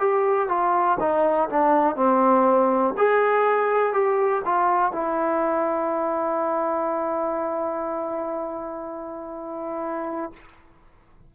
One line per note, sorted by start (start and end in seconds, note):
0.00 0.49 G4
0.49 0.98 F4
1.00 1.49 D#4
1.50 1.96 D4
1.96 2.94 C4
2.98 3.93 G#4
3.93 4.43 G4
4.45 4.92 F4
4.92 10.33 E4